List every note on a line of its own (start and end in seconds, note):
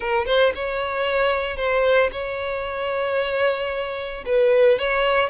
0.00 0.26 A#4
0.26 0.52 C5
0.54 1.56 C#5
1.56 2.09 C5
2.12 4.24 C#5
4.25 4.78 B4
4.79 5.29 C#5